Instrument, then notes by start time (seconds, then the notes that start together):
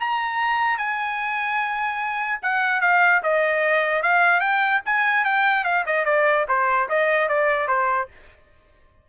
trumpet
0.00 A#5
0.78 G#5
2.43 F#5
2.81 F5
3.23 D#5
4.03 F5
4.40 G5
4.86 G#5
5.25 G5
5.65 F5
5.87 D#5
6.05 D5
6.48 C5
6.89 D#5
7.29 D5
7.68 C5